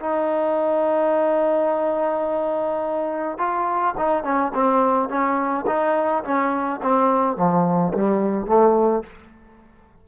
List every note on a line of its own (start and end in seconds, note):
0.00 3.38 D#4
3.38 3.95 F4
3.98 4.23 D#4
4.23 4.52 C#4
4.54 5.09 C4
5.09 5.65 C#4
5.67 6.23 D#4
6.24 6.81 C#4
6.82 7.36 C4
7.36 7.93 F3
7.93 8.46 G3
8.46 9.03 A3